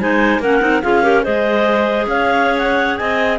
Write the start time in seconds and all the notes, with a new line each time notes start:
0.00 G#3 D#4 C5 G#5
0.40 A#3 C#4 A#4 F#5
0.61 C4 D#4
0.82 C#4 F4 G#4 F5
1.03 G4 A#4
1.24 G#3 G#4 C5 D#5
2.07 C#4 C#5 F5
2.58 F#5
2.97 C4 D#5 G#5